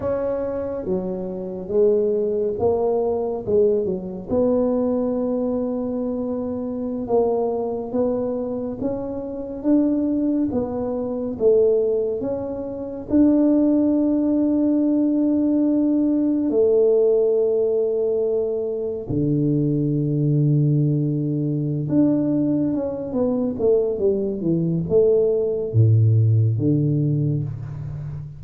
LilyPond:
\new Staff \with { instrumentName = "tuba" } { \time 4/4 \tempo 4 = 70 cis'4 fis4 gis4 ais4 | gis8 fis8 b2.~ | b16 ais4 b4 cis'4 d'8.~ | d'16 b4 a4 cis'4 d'8.~ |
d'2.~ d'16 a8.~ | a2~ a16 d4.~ d16~ | d4. d'4 cis'8 b8 a8 | g8 e8 a4 a,4 d4 | }